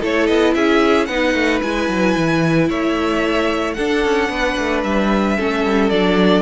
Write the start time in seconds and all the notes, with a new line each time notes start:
0.00 A3 E4 A4 C#5
0.27 B3 D#5
0.54 C#4 G#4 E5
1.06 B3 D#4 B4 F#5
1.34 A3
1.62 G#3 E4 G#5
1.88 F#3
2.16 E3
2.68 A3 C#5 E5
3.73 D4 A4 F#5
4.04 C#4
4.29 B3 B4
4.59 A3
4.83 G3 E5
5.37 A3 C#4 A4
5.64 G3
5.89 F#3 D4 D5